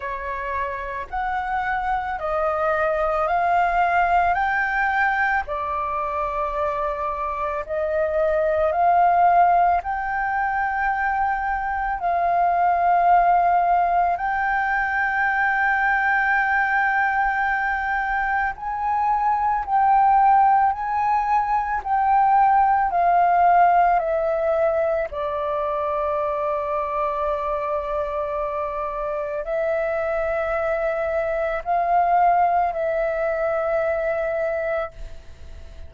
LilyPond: \new Staff \with { instrumentName = "flute" } { \time 4/4 \tempo 4 = 55 cis''4 fis''4 dis''4 f''4 | g''4 d''2 dis''4 | f''4 g''2 f''4~ | f''4 g''2.~ |
g''4 gis''4 g''4 gis''4 | g''4 f''4 e''4 d''4~ | d''2. e''4~ | e''4 f''4 e''2 | }